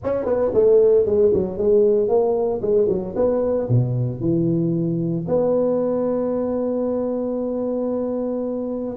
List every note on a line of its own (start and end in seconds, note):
0.03 0.25 C#4
0.25 0.51 B3
0.54 1.05 A3
1.05 1.32 G#3
1.33 1.57 F#3
1.57 2.08 G#3
2.08 2.61 A#3
2.61 2.87 G#3
2.88 3.15 F#3
3.15 3.68 B3
3.68 4.20 B2
4.20 5.25 E3
5.28 8.96 B3